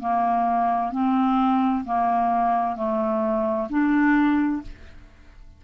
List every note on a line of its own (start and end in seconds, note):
0.00 0.92 A#3
0.92 1.85 C4
1.85 2.76 A#3
2.76 3.68 A3
3.70 4.62 D4